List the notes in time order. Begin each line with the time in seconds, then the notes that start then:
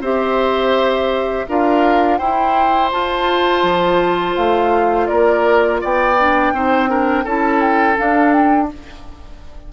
0.00 C4 G4 C5 E5
1.48 D4 F4 A#4 F5
2.17 E4 C5 G5
2.91 F4 A5
3.63 F3
4.36 A3 F5
5.07 A#3 A#4 D5
5.81 B3 D5 G5
6.19 D4
6.52 C4 D#4 C5
6.88 D4 A#4
7.23 C#4 E4 A4 A5
7.61 G5
7.96 D4 F5
8.32 G5